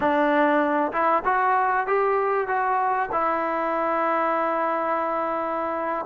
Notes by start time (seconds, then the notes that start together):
0.00 D4
0.92 E4
1.25 F#4
1.87 G4
2.47 F#4
3.12 E4